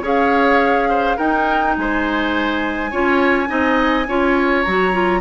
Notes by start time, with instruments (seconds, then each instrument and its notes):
0.00 bassoon C#4, clarinet G#4, oboe C#5
0.06 flute F5
0.89 oboe C5
1.16 clarinet D#4, bassoon D#4, oboe A#4, flute G5
1.76 bassoon G#3, oboe C5, flute G#5
2.91 bassoon C#4, clarinet F4, oboe C#5
3.47 bassoon C4, clarinet D#4, oboe D#5
4.07 bassoon C#4, clarinet F4, oboe C#5
4.62 bassoon F#3, clarinet F#4, flute A#5
4.92 clarinet F4